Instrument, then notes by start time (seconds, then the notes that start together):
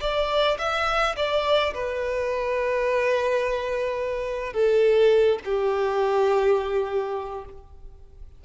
violin
0.00 D5
0.58 E5
1.16 D5
1.74 B4
4.53 A4
5.45 G4